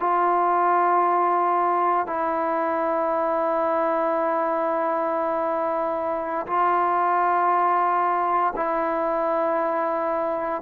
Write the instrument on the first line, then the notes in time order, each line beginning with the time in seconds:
trombone
0.00 F4
2.07 E4
6.47 F4
8.56 E4